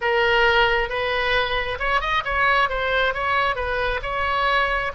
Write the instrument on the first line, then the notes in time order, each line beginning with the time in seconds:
oboe
0.01 A#4
0.89 B4
1.79 C#5
2.00 D#5
2.24 C#5
2.69 C5
3.14 C#5
3.55 B4
4.02 C#5